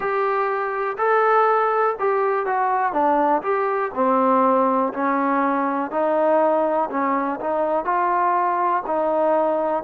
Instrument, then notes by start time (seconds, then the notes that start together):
trombone
0.00 G4
0.97 A4
1.99 G4
2.46 F#4
2.92 D4
3.42 G4
3.94 C4
4.93 C#4
5.91 D#4
6.90 C#4
7.40 D#4
7.84 F4
8.86 D#4